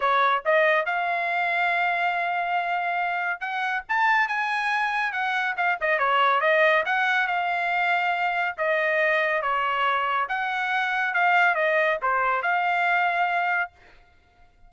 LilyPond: \new Staff \with { instrumentName = "trumpet" } { \time 4/4 \tempo 4 = 140 cis''4 dis''4 f''2~ | f''1 | fis''4 a''4 gis''2 | fis''4 f''8 dis''8 cis''4 dis''4 |
fis''4 f''2. | dis''2 cis''2 | fis''2 f''4 dis''4 | c''4 f''2. | }